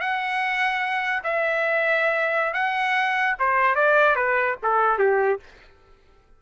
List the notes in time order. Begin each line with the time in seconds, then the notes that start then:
0.00 F#5
1.23 E5
2.53 F#5
3.39 C5
3.75 D5
4.15 B4
4.63 A4
4.98 G4